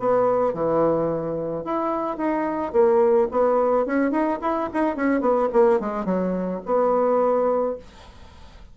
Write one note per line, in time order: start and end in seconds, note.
0.00 0.54 B3
0.54 1.65 E3
1.65 2.17 E4
2.17 2.73 D#4
2.73 3.28 A#3
3.31 3.86 B3
3.86 4.12 C#4
4.12 4.39 D#4
4.42 4.70 E4
4.74 4.96 D#4
4.96 5.21 C#4
5.21 5.49 B3
5.53 5.80 A#3
5.80 6.06 G#3
6.06 6.61 F#3
6.66 7.77 B3